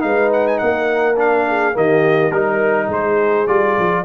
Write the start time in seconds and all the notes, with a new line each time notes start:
0.00 G#3 D#4 B4 F5
0.33 F#5
0.47 G#5
0.58 A#3 A#4 F#5
1.17 D4 F5
1.48 G#4
1.74 D#3 A#3 G4 D#5
2.30 G3 D#4 A#4
2.87 G#3 G#4 C5
3.47 G3 F4 D5
3.78 F3